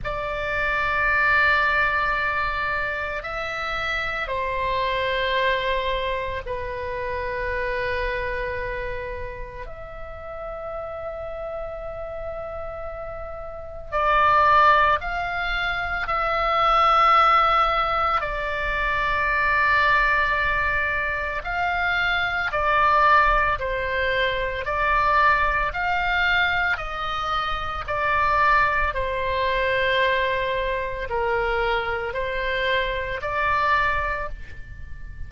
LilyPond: \new Staff \with { instrumentName = "oboe" } { \time 4/4 \tempo 4 = 56 d''2. e''4 | c''2 b'2~ | b'4 e''2.~ | e''4 d''4 f''4 e''4~ |
e''4 d''2. | f''4 d''4 c''4 d''4 | f''4 dis''4 d''4 c''4~ | c''4 ais'4 c''4 d''4 | }